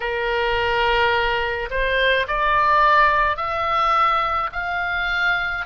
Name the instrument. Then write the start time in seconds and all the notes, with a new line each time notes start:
oboe
0.00 A#4
1.70 C5
2.27 D5
3.37 E5
4.52 F5